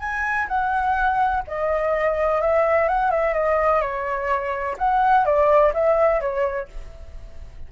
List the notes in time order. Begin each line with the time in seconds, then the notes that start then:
0.00 G#5
0.48 F#5
1.47 D#5
2.42 E5
2.89 F#5
3.11 E5
3.34 D#5
3.81 C#5
4.78 F#5
5.26 D5
5.74 E5
6.21 C#5